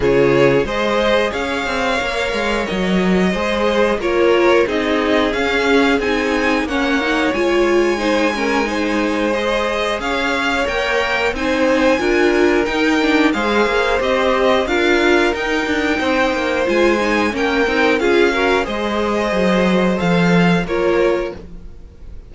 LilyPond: <<
  \new Staff \with { instrumentName = "violin" } { \time 4/4 \tempo 4 = 90 cis''4 dis''4 f''2 | dis''2 cis''4 dis''4 | f''4 gis''4 fis''4 gis''4~ | gis''2 dis''4 f''4 |
g''4 gis''2 g''4 | f''4 dis''4 f''4 g''4~ | g''4 gis''4 g''4 f''4 | dis''2 f''4 cis''4 | }
  \new Staff \with { instrumentName = "violin" } { \time 4/4 gis'4 c''4 cis''2~ | cis''4 c''4 ais'4 gis'4~ | gis'2 cis''2 | c''8 ais'8 c''2 cis''4~ |
cis''4 c''4 ais'2 | c''2 ais'2 | c''2 ais'4 gis'8 ais'8 | c''2. ais'4 | }
  \new Staff \with { instrumentName = "viola" } { \time 4/4 f'4 gis'2 ais'4~ | ais'4 gis'4 f'4 dis'4 | cis'4 dis'4 cis'8 dis'8 f'4 | dis'8 cis'8 dis'4 gis'2 |
ais'4 dis'4 f'4 dis'8 d'8 | gis'4 g'4 f'4 dis'4~ | dis'4 f'8 dis'8 cis'8 dis'8 f'8 fis'8 | gis'2 a'4 f'4 | }
  \new Staff \with { instrumentName = "cello" } { \time 4/4 cis4 gis4 cis'8 c'8 ais8 gis8 | fis4 gis4 ais4 c'4 | cis'4 c'4 ais4 gis4~ | gis2. cis'4 |
ais4 c'4 d'4 dis'4 | gis8 ais8 c'4 d'4 dis'8 d'8 | c'8 ais8 gis4 ais8 c'8 cis'4 | gis4 fis4 f4 ais4 | }
>>